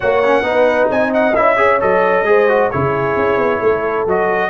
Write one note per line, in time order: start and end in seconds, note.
0.00 0.42 A#3
0.00 0.23 F#4
0.00 0.44 C#5
0.00 0.88 F#5
0.23 0.43 C#4
0.42 0.88 B3
0.42 1.33 D#4
0.42 0.90 B4
0.90 1.35 C4
0.90 1.58 D#5
0.90 1.13 G#5
1.13 1.35 F#5
1.35 1.81 C#4
1.35 1.56 E4
1.35 1.80 E5
1.56 1.79 G#4
1.56 2.26 C#5
1.80 2.23 F#3
1.80 2.25 A4
1.80 2.71 D#5
2.23 2.68 G#3
2.23 2.48 G#4
2.23 2.71 C5
2.48 2.70 F#4
2.71 3.16 C#3
2.71 4.07 E4
2.71 3.59 G#4
2.71 4.06 C#5
3.16 3.37 C#4
3.37 3.60 B3
3.59 4.06 A3
3.59 4.49 A4
4.06 4.50 F#3
4.06 4.50 F#4
4.06 4.50 D#5